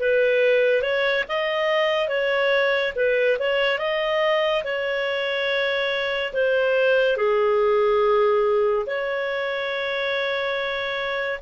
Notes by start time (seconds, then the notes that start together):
0.00 B4
0.82 C#5
1.28 D#5
2.09 C#5
2.95 B4
3.40 C#5
3.79 D#5
4.64 C#5
6.33 C5
7.17 G#4
8.87 C#5